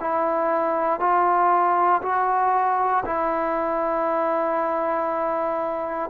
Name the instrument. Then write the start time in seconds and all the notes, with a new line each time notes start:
trombone
0.00 E4
0.99 F4
2.02 F#4
3.05 E4